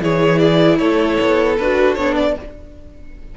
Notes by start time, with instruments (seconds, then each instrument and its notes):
0.00 cello E3, viola E4, violin G#4 C#5
0.38 violin D5
0.78 cello A3, violin A4 C#5
1.20 cello B3
1.57 cello D4, viola F#4, violin B4
1.95 cello B3, viola D4, violin C#5
2.16 violin D5